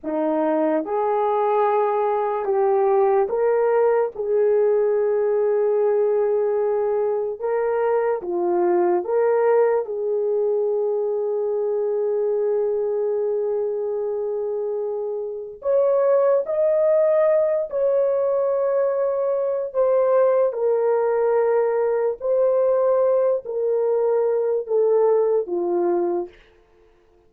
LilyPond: \new Staff \with { instrumentName = "horn" } { \time 4/4 \tempo 4 = 73 dis'4 gis'2 g'4 | ais'4 gis'2.~ | gis'4 ais'4 f'4 ais'4 | gis'1~ |
gis'2. cis''4 | dis''4. cis''2~ cis''8 | c''4 ais'2 c''4~ | c''8 ais'4. a'4 f'4 | }